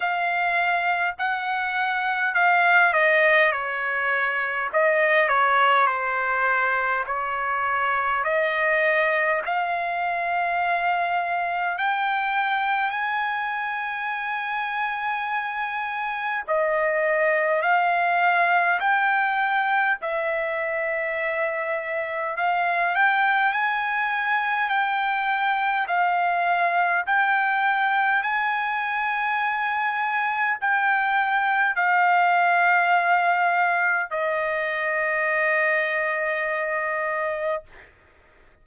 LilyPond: \new Staff \with { instrumentName = "trumpet" } { \time 4/4 \tempo 4 = 51 f''4 fis''4 f''8 dis''8 cis''4 | dis''8 cis''8 c''4 cis''4 dis''4 | f''2 g''4 gis''4~ | gis''2 dis''4 f''4 |
g''4 e''2 f''8 g''8 | gis''4 g''4 f''4 g''4 | gis''2 g''4 f''4~ | f''4 dis''2. | }